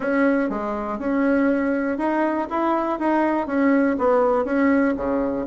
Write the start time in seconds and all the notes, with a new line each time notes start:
0.00 C#4
0.49 G#3
0.98 C#4
1.98 D#4
2.50 E4
2.99 D#4
3.46 C#4
3.98 B3
4.44 C#4
4.96 C#3